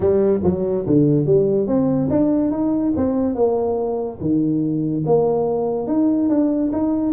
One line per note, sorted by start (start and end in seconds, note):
0.00 0.40 G3
0.43 0.85 F#3
0.86 1.26 D3
1.26 1.67 G3
1.67 2.09 C4
2.10 2.51 D4
2.51 2.93 D#4
2.96 3.35 C4
3.35 4.18 A#3
4.20 5.04 D#3
5.06 5.87 A#3
5.87 6.29 D#4
6.29 6.71 D4
6.72 7.13 D#4